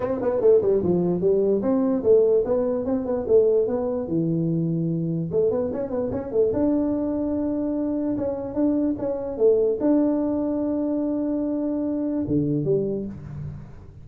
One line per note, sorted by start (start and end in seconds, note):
0.00 0.20 C4
0.21 0.41 B3
0.41 0.61 A3
0.61 0.82 G3
0.82 1.20 F3
1.20 1.61 G3
1.61 2.02 C4
2.03 2.44 A3
2.44 2.85 B3
2.85 3.05 C4
3.05 3.26 B3
3.27 3.67 A3
3.67 4.07 B3
4.07 5.30 E3
5.31 5.50 A3
5.50 5.71 B3
5.72 5.90 C#4
5.90 6.10 B3
6.11 6.31 C#4
6.31 6.52 A3
6.53 8.16 D4
8.17 8.54 C#4
8.54 8.95 D4
8.98 9.37 C#4
9.37 9.78 A3
9.80 12.25 D4
12.27 12.64 D3
12.64 13.05 G3